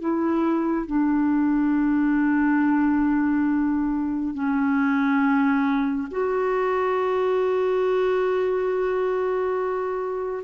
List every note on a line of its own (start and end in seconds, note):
0.00 0.87 E4
0.87 4.34 D4
4.34 6.08 C#4
6.11 10.43 F#4